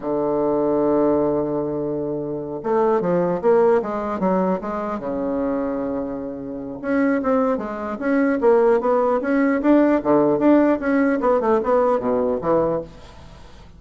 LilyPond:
\new Staff \with { instrumentName = "bassoon" } { \time 4/4 \tempo 4 = 150 d1~ | d2~ d8 a4 f8~ | f8 ais4 gis4 fis4 gis8~ | gis8 cis2.~ cis8~ |
cis4 cis'4 c'4 gis4 | cis'4 ais4 b4 cis'4 | d'4 d4 d'4 cis'4 | b8 a8 b4 b,4 e4 | }